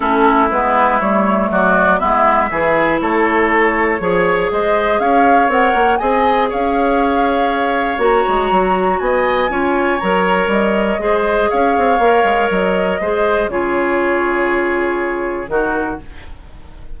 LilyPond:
<<
  \new Staff \with { instrumentName = "flute" } { \time 4/4 \tempo 4 = 120 a'4 b'4 cis''4 d''4 | e''2 cis''2~ | cis''4 dis''4 f''4 fis''4 | gis''4 f''2. |
ais''2 gis''2 | ais''4 dis''2 f''4~ | f''4 dis''2 cis''4~ | cis''2. ais'4 | }
  \new Staff \with { instrumentName = "oboe" } { \time 4/4 e'2. fis'4 | e'4 gis'4 a'2 | cis''4 c''4 cis''2 | dis''4 cis''2.~ |
cis''2 dis''4 cis''4~ | cis''2 c''4 cis''4~ | cis''2 c''4 gis'4~ | gis'2. fis'4 | }
  \new Staff \with { instrumentName = "clarinet" } { \time 4/4 cis'4 b4 a2 | b4 e'2. | gis'2. ais'4 | gis'1 |
fis'2. f'4 | ais'2 gis'2 | ais'2 gis'4 f'4~ | f'2. dis'4 | }
  \new Staff \with { instrumentName = "bassoon" } { \time 4/4 a4 gis4 g4 fis4 | gis4 e4 a2 | f4 gis4 cis'4 c'8 ais8 | c'4 cis'2. |
ais8 gis8 fis4 b4 cis'4 | fis4 g4 gis4 cis'8 c'8 | ais8 gis8 fis4 gis4 cis4~ | cis2. dis4 | }
>>